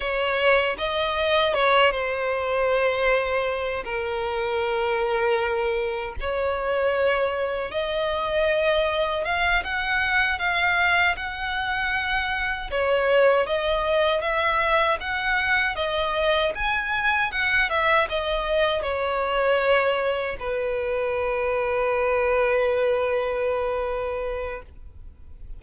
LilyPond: \new Staff \with { instrumentName = "violin" } { \time 4/4 \tempo 4 = 78 cis''4 dis''4 cis''8 c''4.~ | c''4 ais'2. | cis''2 dis''2 | f''8 fis''4 f''4 fis''4.~ |
fis''8 cis''4 dis''4 e''4 fis''8~ | fis''8 dis''4 gis''4 fis''8 e''8 dis''8~ | dis''8 cis''2 b'4.~ | b'1 | }